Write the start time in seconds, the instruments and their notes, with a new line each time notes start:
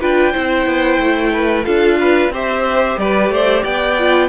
0.00 cello D4, viola F4, violin B4 G5
0.32 cello C4, viola E4, violin C5
0.66 cello B3
0.99 cello A3
1.33 violin B4
1.64 cello D4, viola F4, violin A4 F5
2.00 violin B4
2.30 cello C4, viola G4, violin C5 E5
2.97 cello G3, violin B4 D5
3.29 cello A3, violin C5
3.63 cello B3, violin D5 G5
3.99 viola F4